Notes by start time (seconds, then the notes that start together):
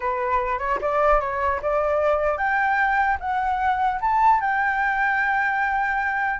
0.00 B4
0.58 C#5
0.81 D5
1.20 C#5
1.61 D5
2.37 G5
3.19 F#5
4.00 A5
4.40 G5